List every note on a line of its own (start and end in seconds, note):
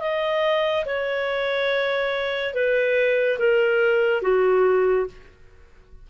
0.00 0.85 D#5
0.86 2.54 C#5
2.54 3.38 B4
3.39 4.22 A#4
4.22 5.07 F#4